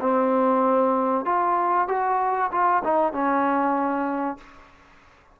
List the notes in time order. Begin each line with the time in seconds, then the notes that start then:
0.00 C4
1.25 F4
1.88 F#4
2.51 F4
2.84 D#4
3.12 C#4